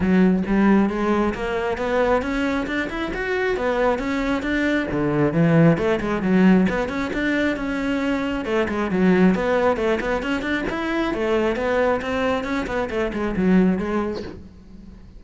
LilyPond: \new Staff \with { instrumentName = "cello" } { \time 4/4 \tempo 4 = 135 fis4 g4 gis4 ais4 | b4 cis'4 d'8 e'8 fis'4 | b4 cis'4 d'4 d4 | e4 a8 gis8 fis4 b8 cis'8 |
d'4 cis'2 a8 gis8 | fis4 b4 a8 b8 cis'8 d'8 | e'4 a4 b4 c'4 | cis'8 b8 a8 gis8 fis4 gis4 | }